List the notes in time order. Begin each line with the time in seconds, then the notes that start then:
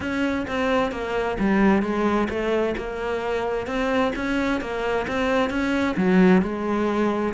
0.00 C#4
0.47 C4
0.91 A#3
1.39 G3
1.82 G#3
2.29 A3
2.77 A#3
3.66 C4
4.15 C#4
4.60 A#3
5.07 C4
5.49 C#4
5.96 F#3
6.41 G#3